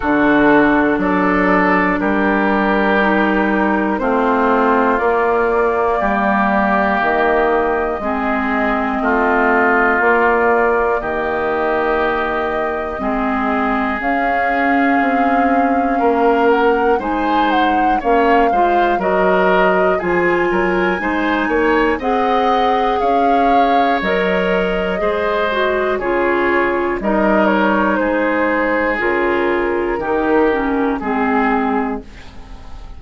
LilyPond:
<<
  \new Staff \with { instrumentName = "flute" } { \time 4/4 \tempo 4 = 60 a'4 d''4 ais'2 | c''4 d''2 dis''4~ | dis''2 d''4 dis''4~ | dis''2 f''2~ |
f''8 fis''8 gis''8 fis''8 f''4 dis''4 | gis''2 fis''4 f''4 | dis''2 cis''4 dis''8 cis''8 | c''4 ais'2 gis'4 | }
  \new Staff \with { instrumentName = "oboe" } { \time 4/4 fis'4 a'4 g'2 | f'2 g'2 | gis'4 f'2 g'4~ | g'4 gis'2. |
ais'4 c''4 cis''8 c''8 ais'4 | gis'8 ais'8 c''8 cis''8 dis''4 cis''4~ | cis''4 c''4 gis'4 ais'4 | gis'2 g'4 gis'4 | }
  \new Staff \with { instrumentName = "clarinet" } { \time 4/4 d'2. dis'4 | c'4 ais2. | c'2 ais2~ | ais4 c'4 cis'2~ |
cis'4 dis'4 cis'8 f'8 fis'4 | f'4 dis'4 gis'2 | ais'4 gis'8 fis'8 f'4 dis'4~ | dis'4 f'4 dis'8 cis'8 c'4 | }
  \new Staff \with { instrumentName = "bassoon" } { \time 4/4 d4 fis4 g2 | a4 ais4 g4 dis4 | gis4 a4 ais4 dis4~ | dis4 gis4 cis'4 c'4 |
ais4 gis4 ais8 gis8 fis4 | f8 fis8 gis8 ais8 c'4 cis'4 | fis4 gis4 cis4 g4 | gis4 cis4 dis4 gis4 | }
>>